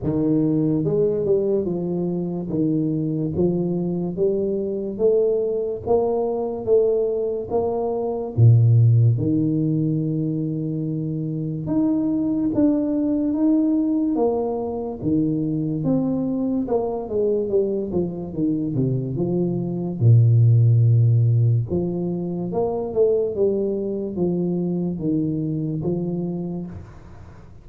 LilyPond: \new Staff \with { instrumentName = "tuba" } { \time 4/4 \tempo 4 = 72 dis4 gis8 g8 f4 dis4 | f4 g4 a4 ais4 | a4 ais4 ais,4 dis4~ | dis2 dis'4 d'4 |
dis'4 ais4 dis4 c'4 | ais8 gis8 g8 f8 dis8 c8 f4 | ais,2 f4 ais8 a8 | g4 f4 dis4 f4 | }